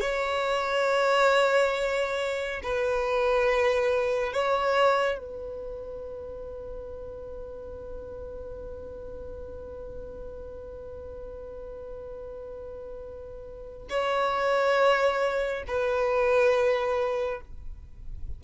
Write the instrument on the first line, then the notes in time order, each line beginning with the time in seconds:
violin
0.00 C#5
2.63 B4
4.32 C#5
5.18 B4
13.89 C#5
15.67 B4